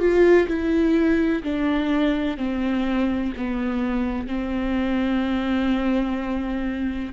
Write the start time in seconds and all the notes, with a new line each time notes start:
0.00 F4
0.48 E4
1.43 D4
2.38 C4
3.37 B3
4.28 C4